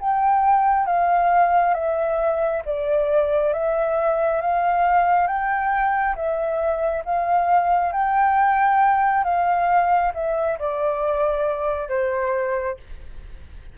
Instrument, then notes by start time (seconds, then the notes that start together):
flute
0.00 G5
0.86 F5
1.74 E5
2.65 D5
3.53 E5
4.41 F5
5.27 G5
6.15 E5
7.05 F5
7.93 G5
9.24 F5
10.14 E5
10.58 D5
11.89 C5